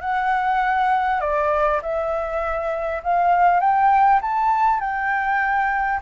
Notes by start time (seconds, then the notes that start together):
0.00 F#5
1.20 D5
1.82 E5
3.03 F5
3.60 G5
4.21 A5
4.80 G5